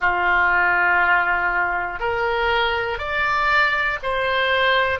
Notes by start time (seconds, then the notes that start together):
0.00 F4
1.99 A#4
2.98 D5
4.03 C5